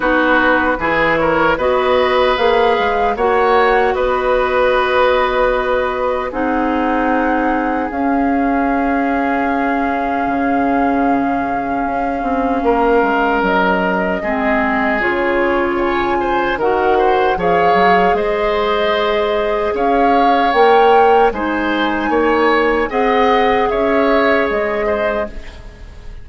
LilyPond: <<
  \new Staff \with { instrumentName = "flute" } { \time 4/4 \tempo 4 = 76 b'4. cis''8 dis''4 f''4 | fis''4 dis''2. | fis''2 f''2~ | f''1~ |
f''4 dis''2 cis''4 | gis''4 fis''4 f''4 dis''4~ | dis''4 f''4 g''4 gis''4~ | gis''4 fis''4 e''4 dis''4 | }
  \new Staff \with { instrumentName = "oboe" } { \time 4/4 fis'4 gis'8 ais'8 b'2 | cis''4 b'2. | gis'1~ | gis'1 |
ais'2 gis'2 | cis''8 c''8 ais'8 c''8 cis''4 c''4~ | c''4 cis''2 c''4 | cis''4 dis''4 cis''4. c''8 | }
  \new Staff \with { instrumentName = "clarinet" } { \time 4/4 dis'4 e'4 fis'4 gis'4 | fis'1 | dis'2 cis'2~ | cis'1~ |
cis'2 c'4 f'4~ | f'4 fis'4 gis'2~ | gis'2 ais'4 dis'4~ | dis'4 gis'2. | }
  \new Staff \with { instrumentName = "bassoon" } { \time 4/4 b4 e4 b4 ais8 gis8 | ais4 b2. | c'2 cis'2~ | cis'4 cis2 cis'8 c'8 |
ais8 gis8 fis4 gis4 cis4~ | cis4 dis4 f8 fis8 gis4~ | gis4 cis'4 ais4 gis4 | ais4 c'4 cis'4 gis4 | }
>>